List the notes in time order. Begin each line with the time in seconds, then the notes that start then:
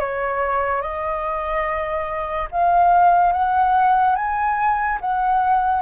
0.00 C#5
0.82 D#5
2.52 F5
3.33 F#5
4.16 G#5
5.01 F#5